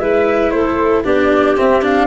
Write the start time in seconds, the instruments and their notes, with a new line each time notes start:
0.00 tuba G#3, cello E4, clarinet B4, flute E5
0.51 tuba A3, clarinet A4, flute C5
1.04 tuba B3, cello D4, clarinet G4, flute D5
1.57 cello C4, tuba C4, flute E5
1.82 cello D4, flute F5